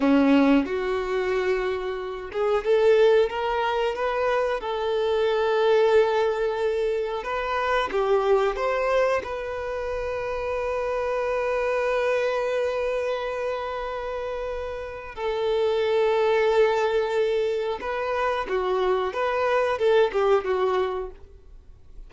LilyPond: \new Staff \with { instrumentName = "violin" } { \time 4/4 \tempo 4 = 91 cis'4 fis'2~ fis'8 gis'8 | a'4 ais'4 b'4 a'4~ | a'2. b'4 | g'4 c''4 b'2~ |
b'1~ | b'2. a'4~ | a'2. b'4 | fis'4 b'4 a'8 g'8 fis'4 | }